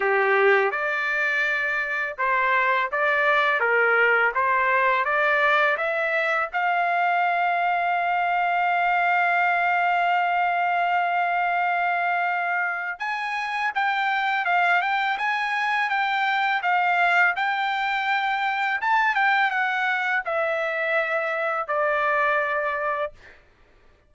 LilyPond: \new Staff \with { instrumentName = "trumpet" } { \time 4/4 \tempo 4 = 83 g'4 d''2 c''4 | d''4 ais'4 c''4 d''4 | e''4 f''2.~ | f''1~ |
f''2 gis''4 g''4 | f''8 g''8 gis''4 g''4 f''4 | g''2 a''8 g''8 fis''4 | e''2 d''2 | }